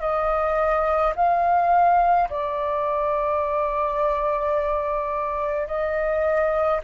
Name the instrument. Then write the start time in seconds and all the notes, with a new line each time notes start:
flute
0.00 D#5
1.15 F5
2.29 D5
5.67 D#5